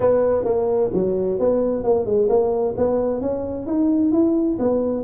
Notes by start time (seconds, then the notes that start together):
0.00 B3
0.44 A#3
0.93 F#3
1.39 B3
1.83 A#3
2.05 G#3
2.29 A#3
2.77 B3
3.21 C#4
3.66 D#4
4.12 E4
4.59 B3